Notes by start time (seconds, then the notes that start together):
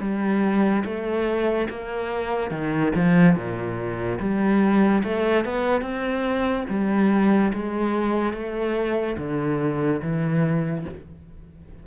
0.00 G3
0.84 A3
1.69 A#3
2.50 D#3
2.95 F3
3.35 A#2
4.19 G3
5.03 A3
5.44 B3
5.81 C4
6.69 G3
7.53 G#3
8.33 A3
9.17 D3
10.02 E3